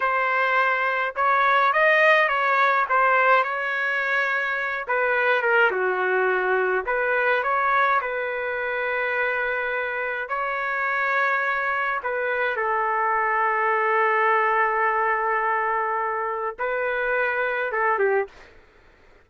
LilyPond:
\new Staff \with { instrumentName = "trumpet" } { \time 4/4 \tempo 4 = 105 c''2 cis''4 dis''4 | cis''4 c''4 cis''2~ | cis''8 b'4 ais'8 fis'2 | b'4 cis''4 b'2~ |
b'2 cis''2~ | cis''4 b'4 a'2~ | a'1~ | a'4 b'2 a'8 g'8 | }